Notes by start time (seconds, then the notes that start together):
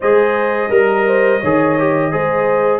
0.00 G#3 G#4 C5 D#5
0.69 G3 A#4
1.06 C5
1.40 D#3 G#4 C#5
1.78 G4
2.11 G#3 G#4 C5